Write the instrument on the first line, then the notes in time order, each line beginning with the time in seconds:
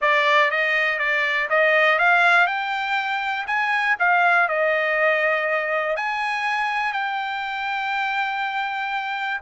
trumpet
0.01 D5
0.50 D#5
0.98 D5
1.49 D#5
1.98 F5
2.47 G5
3.47 G#5
3.99 F5
4.48 D#5
5.96 G#5
6.93 G5